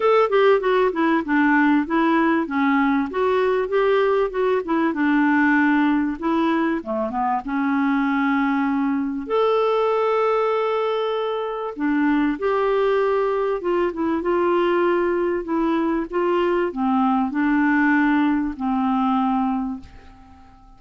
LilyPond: \new Staff \with { instrumentName = "clarinet" } { \time 4/4 \tempo 4 = 97 a'8 g'8 fis'8 e'8 d'4 e'4 | cis'4 fis'4 g'4 fis'8 e'8 | d'2 e'4 a8 b8 | cis'2. a'4~ |
a'2. d'4 | g'2 f'8 e'8 f'4~ | f'4 e'4 f'4 c'4 | d'2 c'2 | }